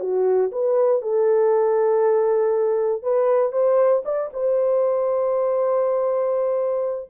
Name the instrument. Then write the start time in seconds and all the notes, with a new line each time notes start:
horn
0.00 F#4
0.52 B4
1.01 A4
3.03 B4
3.52 C5
4.05 D5
4.33 C5